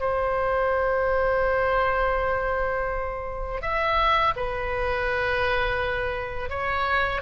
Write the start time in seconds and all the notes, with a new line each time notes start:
0.00 C5
3.61 E5
4.36 B4
6.49 C#5